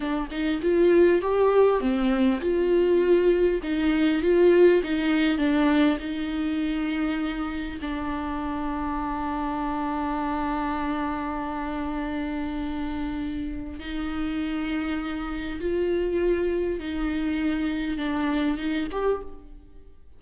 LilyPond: \new Staff \with { instrumentName = "viola" } { \time 4/4 \tempo 4 = 100 d'8 dis'8 f'4 g'4 c'4 | f'2 dis'4 f'4 | dis'4 d'4 dis'2~ | dis'4 d'2.~ |
d'1~ | d'2. dis'4~ | dis'2 f'2 | dis'2 d'4 dis'8 g'8 | }